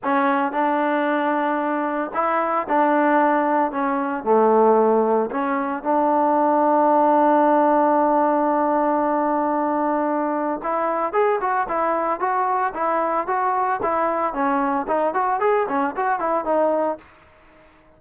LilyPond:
\new Staff \with { instrumentName = "trombone" } { \time 4/4 \tempo 4 = 113 cis'4 d'2. | e'4 d'2 cis'4 | a2 cis'4 d'4~ | d'1~ |
d'1 | e'4 gis'8 fis'8 e'4 fis'4 | e'4 fis'4 e'4 cis'4 | dis'8 fis'8 gis'8 cis'8 fis'8 e'8 dis'4 | }